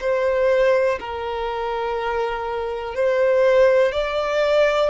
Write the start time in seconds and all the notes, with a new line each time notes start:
0.00 C5
0.99 A#4
2.95 C5
3.92 D5